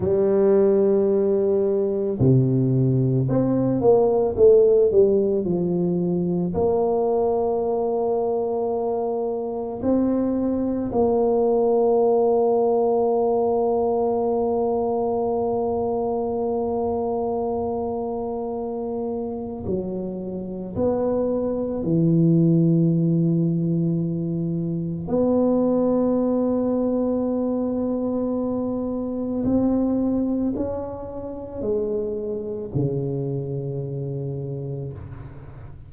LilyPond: \new Staff \with { instrumentName = "tuba" } { \time 4/4 \tempo 4 = 55 g2 c4 c'8 ais8 | a8 g8 f4 ais2~ | ais4 c'4 ais2~ | ais1~ |
ais2 fis4 b4 | e2. b4~ | b2. c'4 | cis'4 gis4 cis2 | }